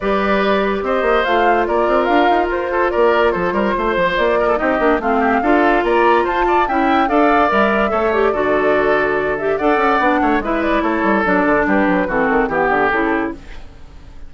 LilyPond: <<
  \new Staff \with { instrumentName = "flute" } { \time 4/4 \tempo 4 = 144 d''2 dis''4 f''4 | d''4 f''4 c''4 d''4 | c''2 d''4 dis''4 | f''2 ais''4 a''4 |
g''4 f''4 e''4. d''8~ | d''2~ d''8 e''8 fis''4~ | fis''4 e''8 d''8 cis''4 d''4 | b'4 a'4 g'4 a'4 | }
  \new Staff \with { instrumentName = "oboe" } { \time 4/4 b'2 c''2 | ais'2~ ais'8 a'8 ais'4 | a'8 ais'8 c''4. ais'16 a'16 g'4 | f'8 g'8 a'4 d''4 c''8 d''8 |
e''4 d''2 cis''4 | a'2. d''4~ | d''8 cis''8 b'4 a'2 | g'4 fis'4 g'2 | }
  \new Staff \with { instrumentName = "clarinet" } { \time 4/4 g'2. f'4~ | f'1~ | f'2. dis'8 d'8 | c'4 f'2. |
e'4 a'4 ais'4 a'8 g'8 | fis'2~ fis'8 g'8 a'4 | d'4 e'2 d'4~ | d'4 c'4 b4 e'4 | }
  \new Staff \with { instrumentName = "bassoon" } { \time 4/4 g2 c'8 ais8 a4 | ais8 c'8 d'8 dis'8 f'4 ais4 | f8 g8 a8 f8 ais4 c'8 ais8 | a4 d'4 ais4 f'4 |
cis'4 d'4 g4 a4 | d2. d'8 cis'8 | b8 a8 gis4 a8 g8 fis8 d8 | g8 fis8 e8 dis8 e8 d8 cis4 | }
>>